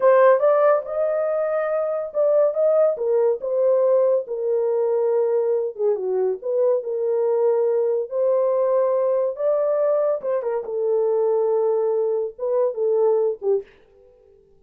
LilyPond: \new Staff \with { instrumentName = "horn" } { \time 4/4 \tempo 4 = 141 c''4 d''4 dis''2~ | dis''4 d''4 dis''4 ais'4 | c''2 ais'2~ | ais'4. gis'8 fis'4 b'4 |
ais'2. c''4~ | c''2 d''2 | c''8 ais'8 a'2.~ | a'4 b'4 a'4. g'8 | }